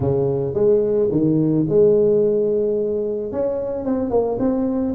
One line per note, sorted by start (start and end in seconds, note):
0.00 0.54 C#3
0.54 1.09 G#3
1.11 1.66 D#3
1.68 3.32 G#3
3.32 3.85 C#4
3.85 4.10 C4
4.10 4.38 A#3
4.39 4.94 C4